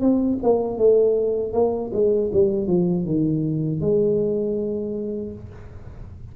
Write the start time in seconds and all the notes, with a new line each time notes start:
0.00 C4
0.42 A#3
0.77 A3
1.53 A#3
1.93 G#3
2.32 G3
2.67 F3
3.05 D#3
3.80 G#3